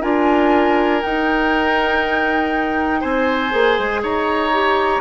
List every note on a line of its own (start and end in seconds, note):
0.00 1.03 D4
0.00 1.02 F4
0.00 3.00 A#4
0.00 1.02 G#5
1.02 3.50 D#4
1.02 3.03 D#4
1.02 3.01 G5
3.01 3.53 C4
3.01 4.01 C5
3.01 4.01 G#5
3.50 3.78 A#3
3.50 4.50 G#4
3.78 4.03 G#3
4.02 5.00 D#4
4.02 5.00 C#5
4.02 5.00 A#5
4.52 5.00 G4